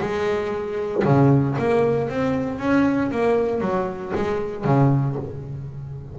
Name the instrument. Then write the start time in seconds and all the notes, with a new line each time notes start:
double bass
0.00 G#3
1.04 C#3
1.58 A#3
2.09 C4
2.59 C#4
3.11 A#3
3.61 F#3
4.15 G#3
4.64 C#3